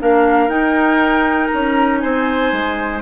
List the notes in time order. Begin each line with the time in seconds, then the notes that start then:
0.00 A#3 D4 A#4 F5
0.48 D#4 G5
1.47 A#5
1.53 C#4
1.99 C4 C5 G#5
2.52 G#3